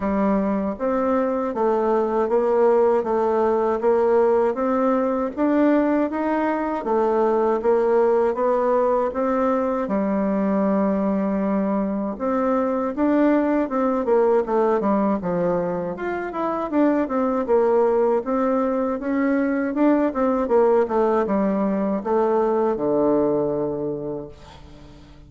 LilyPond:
\new Staff \with { instrumentName = "bassoon" } { \time 4/4 \tempo 4 = 79 g4 c'4 a4 ais4 | a4 ais4 c'4 d'4 | dis'4 a4 ais4 b4 | c'4 g2. |
c'4 d'4 c'8 ais8 a8 g8 | f4 f'8 e'8 d'8 c'8 ais4 | c'4 cis'4 d'8 c'8 ais8 a8 | g4 a4 d2 | }